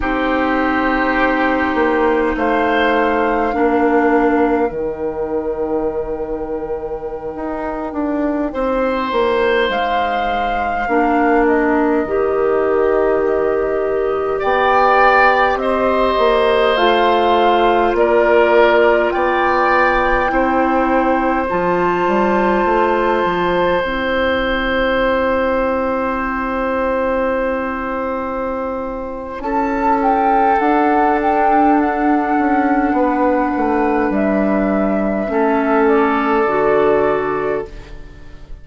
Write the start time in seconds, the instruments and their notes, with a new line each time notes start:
0.00 bassoon C4, clarinet D#4, oboe G4, flute C5
1.75 bassoon A#3
2.36 bassoon A3, oboe C5, flute F5
3.52 bassoon A#3, clarinet D4, oboe A#4
4.67 bassoon D#3, clarinet D#4, flute G5
7.35 bassoon D#4
7.92 bassoon D4
8.53 bassoon C4, oboe C5
9.12 bassoon A#3
9.69 bassoon G#3, flute F5
10.88 bassoon A#3, clarinet D4, oboe A#4
11.46 flute D#5
12.04 bassoon D#3, clarinet G4
14.39 bassoon B3, oboe D5, flute G5
15.55 bassoon C4, oboe C5, flute D#5
16.17 bassoon A#3
16.76 bassoon A3, clarinet F4, flute F5
17.93 bassoon A#3, oboe A#4, flute D5
19.10 bassoon B3, oboe D5, flute G5
20.27 bassoon C4, clarinet E4, oboe C5
21.49 bassoon F3, clarinet F4, flute A5
22.07 bassoon G3
22.64 bassoon A3
23.24 bassoon F3
23.80 bassoon C4, clarinet E4, flute G5
29.39 bassoon C#4, oboe A4, flute A5
30.02 flute G5
30.60 bassoon D4, clarinet D4, flute F#5
31.21 flute G5
31.79 flute F#5
32.38 bassoon C#4
32.92 bassoon B3, oboe B4
33.56 bassoon A3
34.10 bassoon G3, flute E5
35.27 bassoon A3, clarinet C#4, oboe A4
35.87 flute D5
36.45 bassoon D3, clarinet F#4